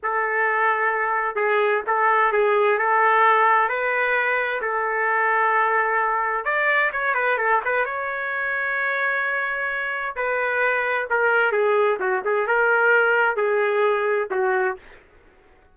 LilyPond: \new Staff \with { instrumentName = "trumpet" } { \time 4/4 \tempo 4 = 130 a'2. gis'4 | a'4 gis'4 a'2 | b'2 a'2~ | a'2 d''4 cis''8 b'8 |
a'8 b'8 cis''2.~ | cis''2 b'2 | ais'4 gis'4 fis'8 gis'8 ais'4~ | ais'4 gis'2 fis'4 | }